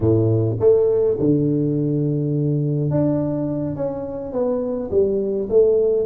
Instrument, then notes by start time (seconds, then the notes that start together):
tuba
0.00 A2
0.60 A3
1.19 D3
2.90 D4
3.75 C#4
4.32 B3
4.90 G3
5.49 A3